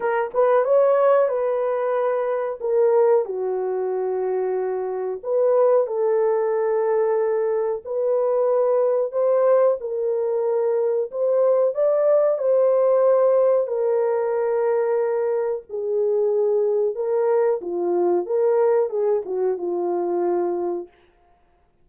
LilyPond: \new Staff \with { instrumentName = "horn" } { \time 4/4 \tempo 4 = 92 ais'8 b'8 cis''4 b'2 | ais'4 fis'2. | b'4 a'2. | b'2 c''4 ais'4~ |
ais'4 c''4 d''4 c''4~ | c''4 ais'2. | gis'2 ais'4 f'4 | ais'4 gis'8 fis'8 f'2 | }